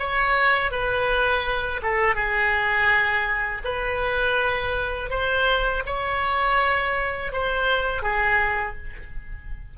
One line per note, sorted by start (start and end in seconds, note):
0.00 0.72 C#5
0.72 1.81 B4
1.83 2.16 A4
2.16 3.62 G#4
3.65 5.11 B4
5.11 5.84 C5
5.86 7.33 C#5
7.33 8.03 C5
8.03 8.76 G#4